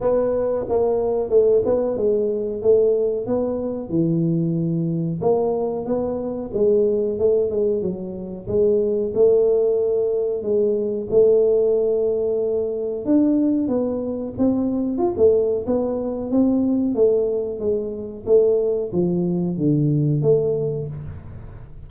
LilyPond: \new Staff \with { instrumentName = "tuba" } { \time 4/4 \tempo 4 = 92 b4 ais4 a8 b8 gis4 | a4 b4 e2 | ais4 b4 gis4 a8 gis8 | fis4 gis4 a2 |
gis4 a2. | d'4 b4 c'4 f'16 a8. | b4 c'4 a4 gis4 | a4 f4 d4 a4 | }